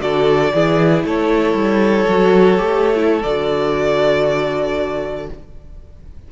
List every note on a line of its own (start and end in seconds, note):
0.00 0.52 D3
0.00 0.51 F#4
0.00 0.53 A4
0.00 1.03 D5
0.53 1.04 E3
0.53 2.07 E4
0.53 1.05 G#4
1.04 1.54 A3
1.04 5.28 A4
1.04 3.22 C#5
1.54 2.05 G3
2.08 2.59 F#3
2.08 2.57 F#4
2.57 3.23 A3
2.57 2.95 G4
2.95 3.21 E4
3.22 5.29 D3
3.22 5.32 F#4
3.22 5.27 D5